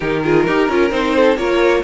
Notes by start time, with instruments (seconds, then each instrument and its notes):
0.00 cello D#3, viola D#4, violin G4 A#4
0.23 viola F4, violin G#4
0.47 cello D#4, viola G4, violin A#4
0.68 cello C#4, viola F4
0.90 cello C4, viola D#4, violin C5
1.16 violin A4
1.37 cello A#3, viola F4, violin A#4 C#5